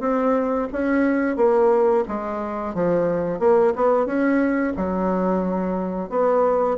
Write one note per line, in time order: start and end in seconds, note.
0.00 0.67 C4
0.72 1.36 C#4
1.36 2.04 A#3
2.08 2.75 G#3
2.75 3.39 F3
3.39 3.73 A#3
3.76 4.06 B3
4.06 4.73 C#4
4.77 6.10 F#3
6.10 6.77 B3